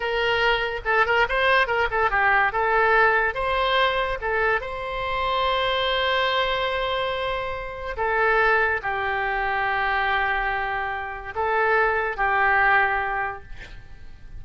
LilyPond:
\new Staff \with { instrumentName = "oboe" } { \time 4/4 \tempo 4 = 143 ais'2 a'8 ais'8 c''4 | ais'8 a'8 g'4 a'2 | c''2 a'4 c''4~ | c''1~ |
c''2. a'4~ | a'4 g'2.~ | g'2. a'4~ | a'4 g'2. | }